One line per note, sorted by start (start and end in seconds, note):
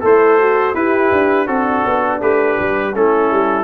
0.00 0.74 A3
0.00 0.38 E4
0.00 0.73 A4
0.00 0.75 C5
0.38 0.75 F#4
0.74 1.11 E4
0.74 1.47 E4
0.74 1.48 G4
0.74 1.47 B4
1.11 1.48 D4
1.47 1.84 C4
1.47 2.95 D4
1.47 2.20 F#4
1.47 2.20 A4
1.85 2.21 B3
2.20 2.58 A3
2.20 2.94 G4
2.20 2.95 B4
2.59 2.95 G3
2.94 3.31 A3
2.94 3.63 C#4
2.94 3.63 E4
2.94 3.63 A4
3.31 3.63 G3